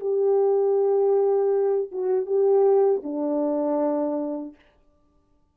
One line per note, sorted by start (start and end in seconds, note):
0.00 1.90 G4
1.92 2.26 F#4
2.26 3.02 G4
3.03 4.55 D4